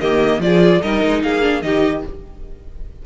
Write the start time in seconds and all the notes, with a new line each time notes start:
0.00 D#3 A#3 G4 D#5
0.39 F3 F4 G#4 D5
0.82 G3 D#4 A#4 D#5
1.04 G#3
1.23 A#3 G#4 F5
1.41 D4
1.62 D#3 D#4 G4 D#5